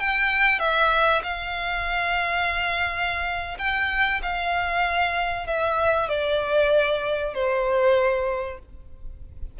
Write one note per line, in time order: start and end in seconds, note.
0.00 0.60 G5
0.60 1.22 E5
1.24 3.58 F5
3.59 4.21 G5
4.23 5.47 F5
5.47 6.09 E5
6.09 7.34 D5
7.34 8.59 C5